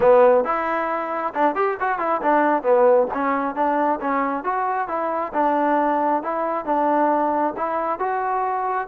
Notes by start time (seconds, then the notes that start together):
0.00 B3
0.44 E4
1.34 D4
1.55 G4
1.80 F#4
1.98 E4
2.22 D4
2.62 B3
3.14 C#4
3.55 D4
4.00 C#4
4.43 F#4
4.88 E4
5.33 D4
6.23 E4
6.65 D4
7.56 E4
7.99 F#4